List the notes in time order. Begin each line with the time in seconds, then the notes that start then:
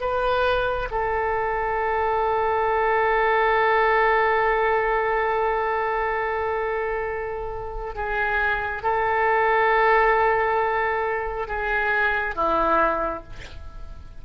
0.00 B4
0.91 A4
7.94 G#4
8.82 A4
11.47 G#4
12.35 E4